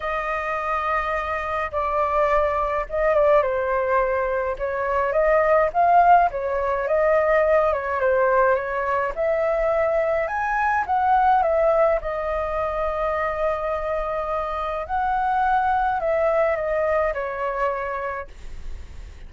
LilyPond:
\new Staff \with { instrumentName = "flute" } { \time 4/4 \tempo 4 = 105 dis''2. d''4~ | d''4 dis''8 d''8 c''2 | cis''4 dis''4 f''4 cis''4 | dis''4. cis''8 c''4 cis''4 |
e''2 gis''4 fis''4 | e''4 dis''2.~ | dis''2 fis''2 | e''4 dis''4 cis''2 | }